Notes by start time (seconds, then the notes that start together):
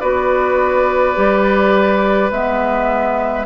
0.00 B3 F#4 B4 D5
1.15 G3 G4
2.31 G#3 B3 E5